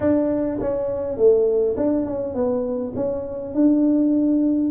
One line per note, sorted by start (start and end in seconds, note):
0.00 0.59 D4
0.60 1.17 C#4
1.17 1.75 A3
1.76 2.06 D4
2.06 2.34 C#4
2.34 2.93 B3
2.95 3.54 C#4
3.54 4.71 D4